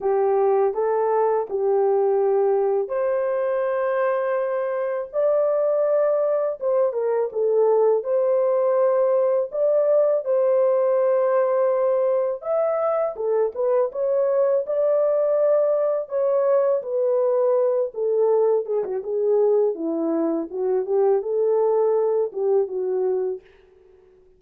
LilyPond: \new Staff \with { instrumentName = "horn" } { \time 4/4 \tempo 4 = 82 g'4 a'4 g'2 | c''2. d''4~ | d''4 c''8 ais'8 a'4 c''4~ | c''4 d''4 c''2~ |
c''4 e''4 a'8 b'8 cis''4 | d''2 cis''4 b'4~ | b'8 a'4 gis'16 fis'16 gis'4 e'4 | fis'8 g'8 a'4. g'8 fis'4 | }